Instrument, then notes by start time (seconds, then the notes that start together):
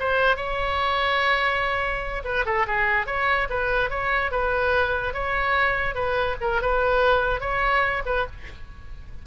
oboe
0.00 C5
0.37 C#5
2.25 B4
2.46 A4
2.67 G#4
3.07 C#5
3.50 B4
3.90 C#5
4.31 B4
5.14 C#5
5.95 B4
6.41 A#4
6.62 B4
7.41 C#5
8.06 B4